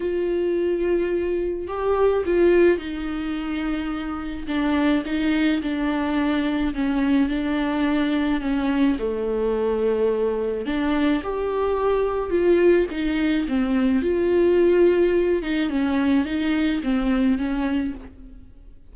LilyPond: \new Staff \with { instrumentName = "viola" } { \time 4/4 \tempo 4 = 107 f'2. g'4 | f'4 dis'2. | d'4 dis'4 d'2 | cis'4 d'2 cis'4 |
a2. d'4 | g'2 f'4 dis'4 | c'4 f'2~ f'8 dis'8 | cis'4 dis'4 c'4 cis'4 | }